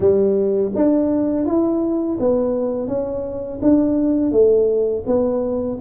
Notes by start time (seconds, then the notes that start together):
0.00 G3
0.75 D4
1.45 E4
2.19 B3
2.87 C#4
3.61 D4
4.31 A3
5.06 B3